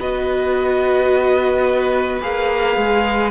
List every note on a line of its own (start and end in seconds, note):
0.00 2.22 B3
0.00 2.21 F#4
0.00 3.31 B4
0.00 2.22 D#5
2.21 2.77 A#3
2.21 3.31 G#4
2.21 3.31 F5
2.77 3.31 G#3